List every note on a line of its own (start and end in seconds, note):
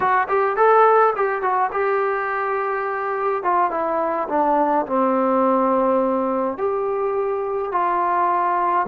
0.00 0.27 F#4
0.28 0.56 G4
0.56 1.13 A4
1.16 1.42 G4
1.42 1.70 F#4
1.72 3.43 G4
3.43 3.71 F4
3.71 4.28 E4
4.28 4.85 D4
4.86 6.57 C4
6.57 7.72 G4
7.72 8.86 F4